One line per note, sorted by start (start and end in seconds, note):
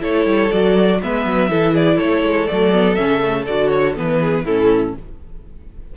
0.00 0.26 A3
0.00 0.49 E4
0.00 1.00 A4
0.00 0.52 C#5
0.26 0.51 G3
0.52 1.02 F#3
0.52 1.02 F#4
0.52 1.02 D5
1.03 1.26 G#3
1.03 1.49 B3
1.03 1.50 B4
1.03 1.76 E5
1.26 1.50 F#3
1.49 2.00 E3
1.49 2.47 E4
1.49 1.73 A4
1.73 1.97 G#4
1.73 1.99 D5
1.97 2.23 A3
1.97 4.18 A4
1.97 2.48 C#5
2.23 2.48 G#3
2.47 2.99 F#3
2.47 2.72 A3
2.47 2.95 D5
2.73 2.97 B3
2.95 3.48 C#3
2.95 3.21 C#4
2.95 3.44 E5
3.21 3.45 A3
3.47 3.98 D3
3.47 3.96 F#4
3.47 3.69 D5
3.69 3.94 C#5
3.96 4.44 E3
3.96 4.45 B3
3.96 4.46 B4
4.21 4.45 G#4
4.44 4.94 A2
4.44 4.97 C#4
4.44 4.95 E4
4.44 4.95 A4